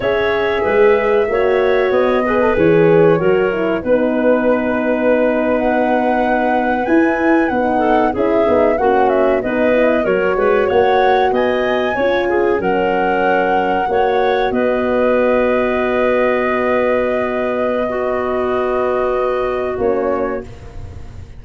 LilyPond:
<<
  \new Staff \with { instrumentName = "flute" } { \time 4/4 \tempo 4 = 94 e''2. dis''4 | cis''2 b'2~ | b'8. fis''2 gis''4 fis''16~ | fis''8. e''4 fis''8 e''8 dis''4 cis''16~ |
cis''8. fis''4 gis''2 fis''16~ | fis''2~ fis''8. dis''4~ dis''16~ | dis''1~ | dis''2. cis''4 | }
  \new Staff \with { instrumentName = "clarinet" } { \time 4/4 cis''4 b'4 cis''4. b'8~ | b'4 ais'4 b'2~ | b'1~ | b'16 a'8 gis'4 fis'4 b'4 ais'16~ |
ais'16 b'8 cis''4 dis''4 cis''8 gis'8 ais'16~ | ais'4.~ ais'16 cis''4 b'4~ b'16~ | b'1 | fis'1 | }
  \new Staff \with { instrumentName = "horn" } { \time 4/4 gis'2 fis'4. gis'16 a'16 | gis'4 fis'8 e'8 dis'2~ | dis'2~ dis'8. e'4 dis'16~ | dis'8. e'8 dis'8 cis'4 dis'8 e'8 fis'16~ |
fis'2~ fis'8. f'4 cis'16~ | cis'4.~ cis'16 fis'2~ fis'16~ | fis'1 | b2. cis'4 | }
  \new Staff \with { instrumentName = "tuba" } { \time 4/4 cis'4 gis4 ais4 b4 | e4 fis4 b2~ | b2~ b8. e'4 b16~ | b8. cis'8 b8 ais4 b4 fis16~ |
fis16 gis8 ais4 b4 cis'4 fis16~ | fis4.~ fis16 ais4 b4~ b16~ | b1~ | b2. ais4 | }
>>